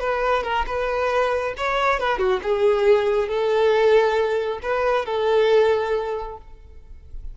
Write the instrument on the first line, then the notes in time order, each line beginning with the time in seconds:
violin
0.00 B4
0.43 A#4
0.66 B4
1.57 C#5
1.99 B4
2.18 F#4
2.43 G#4
3.28 A4
4.62 B4
5.06 A4